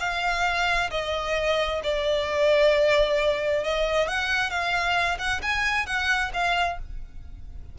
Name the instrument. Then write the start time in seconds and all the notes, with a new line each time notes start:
violin
0.00 F5
0.91 D#5
1.84 D5
3.64 D#5
4.08 F#5
4.50 F5
5.19 F#5
5.42 G#5
5.86 F#5
6.34 F5